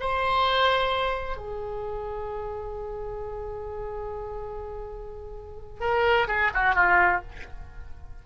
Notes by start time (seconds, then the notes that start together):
0.00 C5
1.37 G#4
5.80 A#4
6.28 G#4
6.54 F#4
6.75 F4